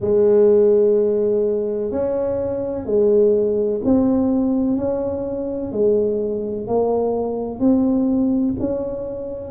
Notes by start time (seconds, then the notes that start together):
0.00 G#3
1.91 C#4
2.85 G#3
3.84 C4
4.76 C#4
5.71 G#3
6.67 A#3
7.59 C4
8.59 C#4